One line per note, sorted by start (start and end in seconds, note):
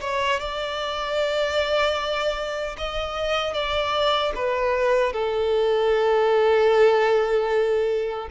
0.00 0.39 C#5
0.39 2.76 D5
2.77 3.53 D#5
3.53 4.32 D5
4.35 5.12 B4
5.12 8.28 A4